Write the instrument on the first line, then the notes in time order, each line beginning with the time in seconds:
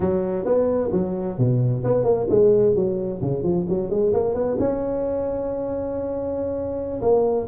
tuba
0.00 F#3
0.45 B3
0.92 F#3
1.38 B2
1.83 B3
2.04 A#3
2.29 G#3
2.75 F#3
3.21 C#3
3.43 F3
3.68 F#3
3.90 G#3
4.13 A#3
4.34 B3
4.59 C#4
7.01 A#3